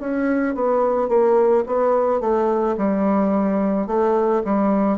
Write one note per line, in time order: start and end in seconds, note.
0.00 0.55 C#4
0.55 1.08 B3
1.08 1.64 A#3
1.66 2.20 B3
2.20 2.76 A3
2.77 3.87 G3
3.87 4.42 A3
4.44 4.98 G3